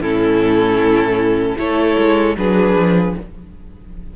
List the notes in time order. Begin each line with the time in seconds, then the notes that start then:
0.00 A2 C#4 E4 A4
1.57 A3 E4 A4 C#5
1.98 G#3
2.37 F#3 D4 G#4 B4
2.75 F3